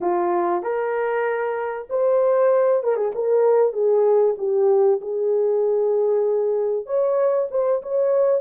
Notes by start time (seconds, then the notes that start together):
0.00 F4
0.62 A#4
1.89 C5
2.83 A#4
2.96 G#4
3.14 A#4
3.72 G#4
4.38 G4
5.01 G#4
6.86 C#5
7.50 C5
7.82 C#5